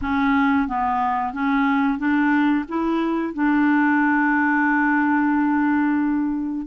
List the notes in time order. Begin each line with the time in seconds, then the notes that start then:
0.01 C#4
0.68 B3
1.33 C#4
1.98 D4
2.68 E4
3.33 D4